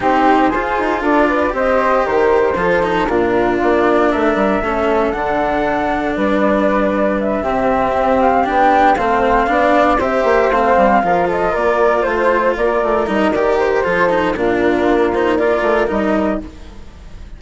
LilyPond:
<<
  \new Staff \with { instrumentName = "flute" } { \time 4/4 \tempo 4 = 117 c''2 d''4 dis''4 | c''2 ais'4 d''4 | e''2 fis''2 | d''2 e''2 |
f''8 g''4 f''2 e''8~ | e''8 f''4. dis''8 d''4 c''8~ | c''8 d''4 dis''8 d''8 c''4. | ais'4. c''8 d''4 dis''4 | }
  \new Staff \with { instrumentName = "flute" } { \time 4/4 g'4 gis'4 a'8 b'8 c''4 | ais'4 a'4 f'2 | ais'4 a'2. | b'2~ b'8 g'4.~ |
g'4. c''4 d''4 c''8~ | c''4. ais'8 a'8 ais'4 c''8~ | c''8 ais'2~ ais'8 a'4 | f'2 ais'2 | }
  \new Staff \with { instrumentName = "cello" } { \time 4/4 dis'4 f'2 g'4~ | g'4 f'8 dis'8 d'2~ | d'4 cis'4 d'2~ | d'2~ d'8 c'4.~ |
c'8 d'4 c'4 d'4 g'8~ | g'8 c'4 f'2~ f'8~ | f'4. dis'8 g'4 f'8 dis'8 | d'4. dis'8 f'4 dis'4 | }
  \new Staff \with { instrumentName = "bassoon" } { \time 4/4 c'4 f'8 dis'8 d'4 c'4 | dis4 f4 ais,4 ais4 | a8 g8 a4 d2 | g2~ g8 c4 c'8~ |
c'8 b4 a4 b4 c'8 | ais8 a8 g8 f4 ais4 a8~ | a8 ais8 a8 g8 dis4 f4 | ais,4 ais4. a8 g4 | }
>>